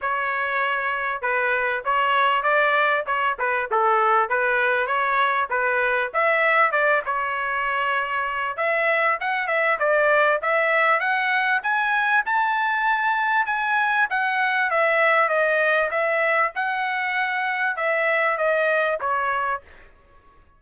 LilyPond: \new Staff \with { instrumentName = "trumpet" } { \time 4/4 \tempo 4 = 98 cis''2 b'4 cis''4 | d''4 cis''8 b'8 a'4 b'4 | cis''4 b'4 e''4 d''8 cis''8~ | cis''2 e''4 fis''8 e''8 |
d''4 e''4 fis''4 gis''4 | a''2 gis''4 fis''4 | e''4 dis''4 e''4 fis''4~ | fis''4 e''4 dis''4 cis''4 | }